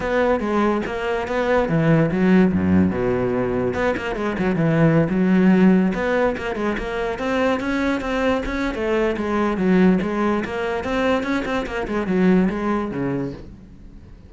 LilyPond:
\new Staff \with { instrumentName = "cello" } { \time 4/4 \tempo 4 = 144 b4 gis4 ais4 b4 | e4 fis4 fis,4 b,4~ | b,4 b8 ais8 gis8 fis8 e4~ | e16 fis2 b4 ais8 gis16~ |
gis16 ais4 c'4 cis'4 c'8.~ | c'16 cis'8. a4 gis4 fis4 | gis4 ais4 c'4 cis'8 c'8 | ais8 gis8 fis4 gis4 cis4 | }